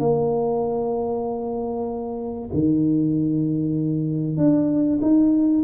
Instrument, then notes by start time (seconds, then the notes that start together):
tuba
0.00 A#3
2.53 D#3
4.38 D4
5.02 D#4